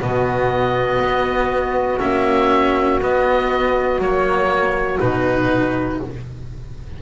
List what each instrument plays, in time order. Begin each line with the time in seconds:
0.00 double bass B2, cello B3, saxophone F#4, oboe D#5
0.99 double bass B3
2.00 double bass A#3, cello C#4, oboe E5
3.02 double bass B3, cello B3, oboe D#5
3.99 double bass F#3, cello A#3, oboe C#5
4.99 double bass B2, cello D#4, oboe B4